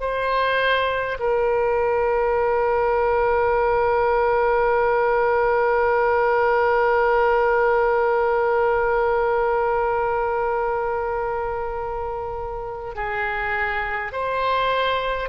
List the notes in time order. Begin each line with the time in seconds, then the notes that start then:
0.00 C5
1.19 A#4
12.95 G#4
14.12 C5